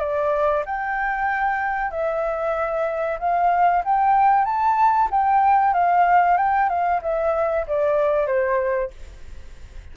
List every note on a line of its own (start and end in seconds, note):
0.00 0.64 D5
0.66 1.91 G5
1.91 3.19 E5
3.20 3.84 F5
3.85 4.45 G5
4.45 5.09 A5
5.11 5.74 G5
5.74 6.37 F5
6.37 6.69 G5
6.69 7.01 F5
7.02 7.66 E5
7.68 8.27 D5
8.27 8.91 C5